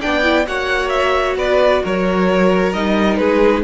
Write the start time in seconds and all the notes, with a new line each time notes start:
0.00 B3 D4 D5 G5
0.23 E4
0.46 A#3 F#4 C#5 F#5
0.88 E5
1.35 B3 B4 D5
1.83 F#3 A#4 C#5
2.73 G3 D#4 D#5
3.16 G#3 G#4 B4